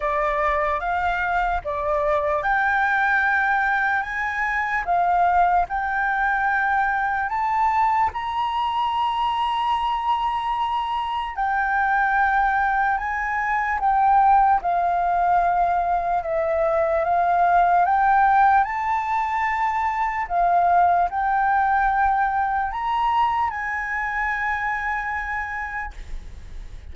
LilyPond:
\new Staff \with { instrumentName = "flute" } { \time 4/4 \tempo 4 = 74 d''4 f''4 d''4 g''4~ | g''4 gis''4 f''4 g''4~ | g''4 a''4 ais''2~ | ais''2 g''2 |
gis''4 g''4 f''2 | e''4 f''4 g''4 a''4~ | a''4 f''4 g''2 | ais''4 gis''2. | }